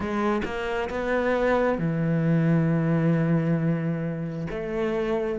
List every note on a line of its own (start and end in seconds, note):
0.00 0.42 G#3
0.44 0.89 A#3
0.90 1.78 B3
1.78 4.47 E3
4.50 5.39 A3